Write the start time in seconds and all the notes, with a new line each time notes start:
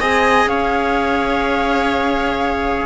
0.00 C4 G#4 D#5 G#5
0.47 C#4 C#5 F5